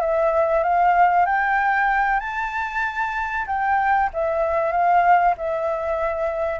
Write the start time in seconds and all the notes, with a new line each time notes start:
0.00 E5
0.63 F5
1.25 G5
2.19 A5
3.46 G5
4.13 E5
4.71 F5
5.37 E5